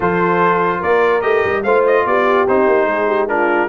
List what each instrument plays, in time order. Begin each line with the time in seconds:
0.00 tuba F3, trombone F4, horn A4, trumpet C5
0.80 tuba A#3, horn A#4, trumpet D5
1.21 tuba A3, trombone G4, trumpet D#5
1.44 tuba G3
1.63 tuba A3, trombone F4, horn C5, trumpet F5
1.86 trumpet D#5
2.05 tuba B3, horn G4, trumpet D5
2.48 tuba C4, trombone D#4, trumpet C5
2.67 tuba A#3
2.85 tuba G#3, horn G#4
3.07 horn G4
3.28 trombone D4, horn F4, trumpet A#4